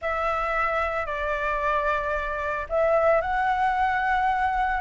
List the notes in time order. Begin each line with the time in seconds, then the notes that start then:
0.01 E5
1.06 D5
2.69 E5
3.21 F#5